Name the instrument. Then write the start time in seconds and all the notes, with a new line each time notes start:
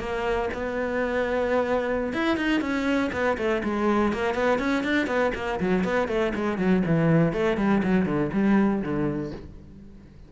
cello
0.00 A#3
0.54 B3
2.13 E4
2.37 D#4
2.61 C#4
3.13 B3
3.38 A3
3.64 G#3
4.13 A#3
4.35 B3
4.59 C#4
4.84 D4
5.07 B3
5.35 A#3
5.60 F#3
5.84 B3
6.08 A3
6.35 G#3
6.58 F#3
6.86 E3
7.33 A3
7.58 G3
7.83 F#3
8.06 D3
8.33 G3
8.82 D3